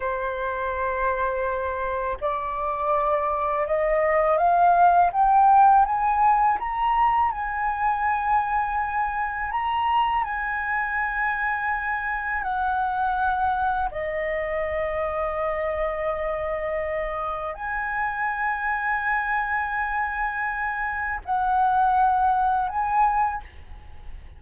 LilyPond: \new Staff \with { instrumentName = "flute" } { \time 4/4 \tempo 4 = 82 c''2. d''4~ | d''4 dis''4 f''4 g''4 | gis''4 ais''4 gis''2~ | gis''4 ais''4 gis''2~ |
gis''4 fis''2 dis''4~ | dis''1 | gis''1~ | gis''4 fis''2 gis''4 | }